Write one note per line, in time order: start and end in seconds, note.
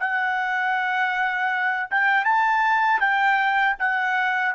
0.00 1.90 F#5
1.91 2.25 G5
2.25 3.01 A5
3.01 3.77 G5
3.79 4.55 F#5